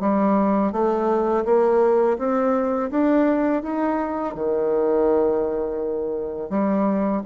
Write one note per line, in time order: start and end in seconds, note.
0.00 0.72 G3
0.72 1.44 A3
1.45 2.17 A#3
2.18 2.90 C4
2.90 3.62 D4
3.62 4.34 D#4
4.34 6.50 D#3
6.50 7.22 G3